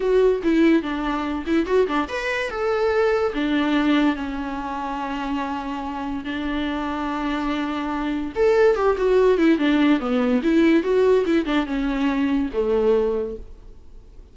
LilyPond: \new Staff \with { instrumentName = "viola" } { \time 4/4 \tempo 4 = 144 fis'4 e'4 d'4. e'8 | fis'8 d'8 b'4 a'2 | d'2 cis'2~ | cis'2. d'4~ |
d'1 | a'4 g'8 fis'4 e'8 d'4 | b4 e'4 fis'4 e'8 d'8 | cis'2 a2 | }